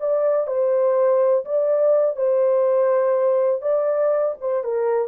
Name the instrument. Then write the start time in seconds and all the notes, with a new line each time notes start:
horn
0.00 D5
0.47 C5
1.45 D5
2.16 C5
3.62 D5
4.41 C5
4.64 A#4